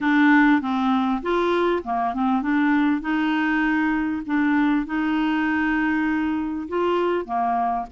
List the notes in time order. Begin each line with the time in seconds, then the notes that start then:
0.01 D4
0.61 C4
1.22 F4
1.83 A#3
2.13 C4
2.42 D4
3.01 D#4
4.26 D4
4.86 D#4
6.68 F4
7.25 A#3